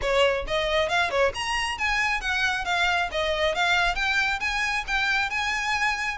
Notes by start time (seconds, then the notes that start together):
0.01 C#5
0.47 D#5
0.88 F5
1.10 C#5
1.34 A#5
1.77 G#5
2.20 F#5
2.65 F5
3.11 D#5
3.54 F5
3.95 G5
4.40 G#5
4.87 G5
5.30 G#5